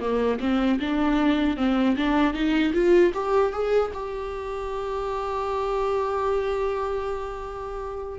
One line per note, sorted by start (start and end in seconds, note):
0.00 0.39 A#3
0.40 0.79 C4
0.80 1.57 D4
1.57 1.96 C4
1.97 2.33 D4
2.33 2.72 D#4
2.73 3.12 F4
3.13 3.52 G4
3.52 3.91 G#4
3.93 8.19 G4